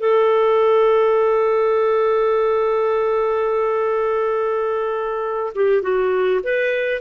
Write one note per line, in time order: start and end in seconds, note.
0.00 5.53 A4
5.55 5.83 G4
5.83 6.41 F#4
6.44 7.01 B4